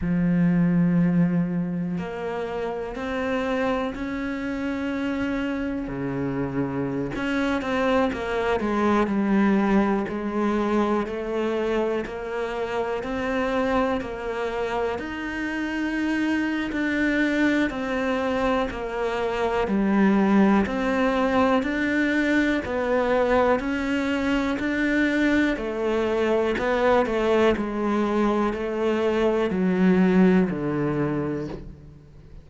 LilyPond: \new Staff \with { instrumentName = "cello" } { \time 4/4 \tempo 4 = 61 f2 ais4 c'4 | cis'2 cis4~ cis16 cis'8 c'16~ | c'16 ais8 gis8 g4 gis4 a8.~ | a16 ais4 c'4 ais4 dis'8.~ |
dis'4 d'4 c'4 ais4 | g4 c'4 d'4 b4 | cis'4 d'4 a4 b8 a8 | gis4 a4 fis4 d4 | }